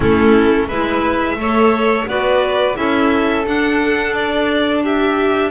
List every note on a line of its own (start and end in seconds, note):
0.00 0.69 A3
0.00 0.69 C#4
0.00 0.67 E4
0.00 0.68 A4
0.67 1.36 G#3
0.67 1.38 E4
0.67 1.36 B4
0.67 2.06 E5
1.36 2.05 A3
1.36 2.07 A4
1.36 2.08 C#5
2.07 2.76 B3
2.07 2.74 F#4
2.07 2.78 B4
2.07 2.76 D5
2.74 3.46 C#4
2.74 3.43 E4
2.74 4.83 A4
2.74 3.45 E5
3.45 5.51 D4
3.45 4.14 F#5
4.14 4.83 D5
4.83 5.51 G4
4.83 5.51 E5